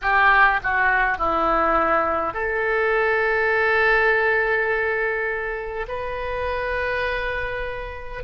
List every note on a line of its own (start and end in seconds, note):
0.01 0.60 G4
0.63 1.18 F#4
1.18 2.33 E4
2.33 5.86 A4
5.88 8.23 B4